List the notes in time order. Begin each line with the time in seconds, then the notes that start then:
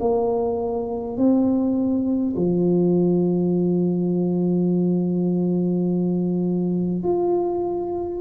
0.00 A#3
1.17 C4
2.36 F3
7.04 F4